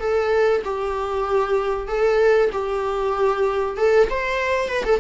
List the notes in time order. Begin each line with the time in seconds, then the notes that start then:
0.00 A4
0.64 G4
1.88 A4
2.52 G4
3.77 A4
4.10 C5
4.68 B4
4.85 A4